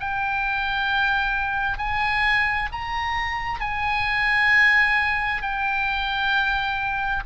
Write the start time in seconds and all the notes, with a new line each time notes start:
0.00 G5
1.78 G#5
2.72 A#5
3.60 G#5
5.42 G5